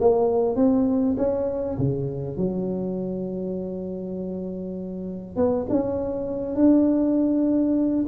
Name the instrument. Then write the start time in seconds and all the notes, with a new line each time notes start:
tuba
0.00 A#3
0.56 C4
1.17 C#4
1.78 C#3
2.37 F#3
5.36 B3
5.69 C#4
6.55 D4